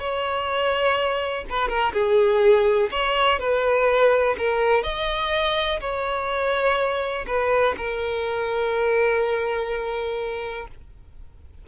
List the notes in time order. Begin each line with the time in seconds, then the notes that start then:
0.00 C#5
1.50 B4
1.68 A#4
1.93 G#4
2.91 C#5
3.40 B4
4.38 A#4
4.83 D#5
5.81 C#5
7.27 B4
7.78 A#4